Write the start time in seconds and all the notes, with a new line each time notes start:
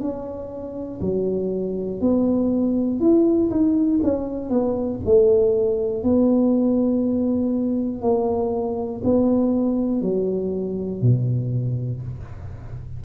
0.00 C#4
1.01 F#3
2.00 B3
3.00 E4
3.50 D#4
4.03 C#4
4.50 B3
5.05 A3
6.03 B3
8.01 A#3
9.04 B3
10.01 F#3
11.01 B2